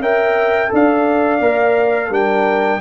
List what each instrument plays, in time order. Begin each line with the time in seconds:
0.00 tuba C#4, trombone A#4, horn E5, trumpet G5
0.69 tuba D4, trombone A4, horn D5
0.76 trumpet F5
1.41 tuba A#3, trombone A#4
2.10 tuba G3, trombone D4, horn A#4, trumpet G5